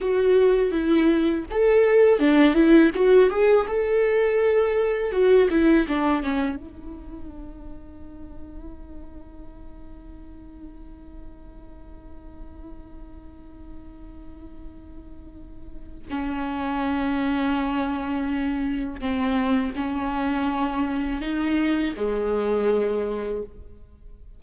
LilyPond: \new Staff \with { instrumentName = "viola" } { \time 4/4 \tempo 4 = 82 fis'4 e'4 a'4 d'8 e'8 | fis'8 gis'8 a'2 fis'8 e'8 | d'8 cis'8 dis'2.~ | dis'1~ |
dis'1~ | dis'2 cis'2~ | cis'2 c'4 cis'4~ | cis'4 dis'4 gis2 | }